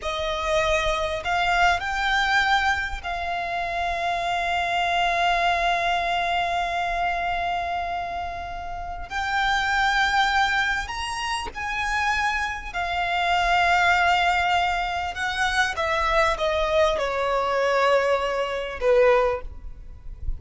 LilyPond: \new Staff \with { instrumentName = "violin" } { \time 4/4 \tempo 4 = 99 dis''2 f''4 g''4~ | g''4 f''2.~ | f''1~ | f''2. g''4~ |
g''2 ais''4 gis''4~ | gis''4 f''2.~ | f''4 fis''4 e''4 dis''4 | cis''2. b'4 | }